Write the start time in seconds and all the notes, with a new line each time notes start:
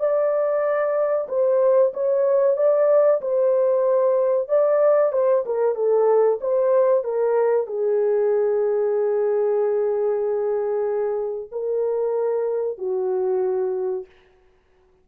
0.00 D5
1.29 C5
1.94 C#5
2.57 D5
3.21 C5
4.49 D5
5.13 C5
5.46 A#4
5.76 A4
6.41 C5
7.05 A#4
7.67 G#4
11.52 A#4
12.79 F#4